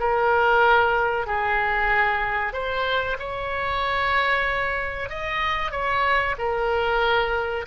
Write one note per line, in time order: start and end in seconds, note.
0.00 1.27 A#4
1.27 2.53 G#4
2.53 3.17 C5
3.19 5.09 C#5
5.09 5.72 D#5
5.72 6.35 C#5
6.38 7.66 A#4